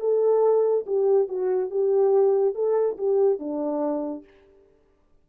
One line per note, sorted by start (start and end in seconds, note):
0.00 0.85 A4
0.87 1.28 G4
1.28 1.70 F#4
1.70 2.55 G4
2.55 2.97 A4
2.98 3.39 G4
3.39 4.24 D4